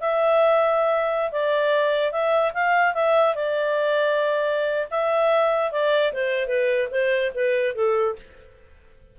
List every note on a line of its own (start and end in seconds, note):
0.00 1.32 E5
1.32 2.11 D5
2.11 2.52 E5
2.54 2.94 F5
2.94 3.35 E5
3.35 4.88 D5
4.91 5.71 E5
5.71 6.12 D5
6.13 6.47 C5
6.47 6.88 B4
6.91 7.31 C5
7.35 7.75 B4
7.75 8.16 A4